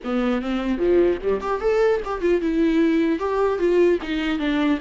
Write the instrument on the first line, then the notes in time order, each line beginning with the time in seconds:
viola
0.03 B3
0.41 C4
0.78 F3
1.22 G3
1.40 G4
1.60 A4
2.05 G4
2.21 F4
2.41 E4
3.19 G4
3.59 F4
4.02 D#4
4.39 D4